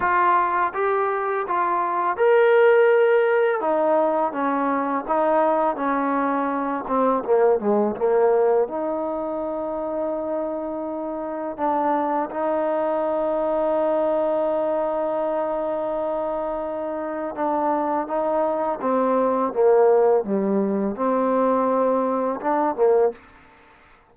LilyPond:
\new Staff \with { instrumentName = "trombone" } { \time 4/4 \tempo 4 = 83 f'4 g'4 f'4 ais'4~ | ais'4 dis'4 cis'4 dis'4 | cis'4. c'8 ais8 gis8 ais4 | dis'1 |
d'4 dis'2.~ | dis'1 | d'4 dis'4 c'4 ais4 | g4 c'2 d'8 ais8 | }